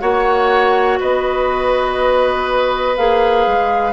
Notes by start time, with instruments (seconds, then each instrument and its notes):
0.00 bassoon A#3, clarinet F#4, oboe C#5, flute F#5
1.00 bassoon B3, oboe B4, flute D#5
2.97 bassoon A#3, clarinet G#4, flute F5
3.47 bassoon G#3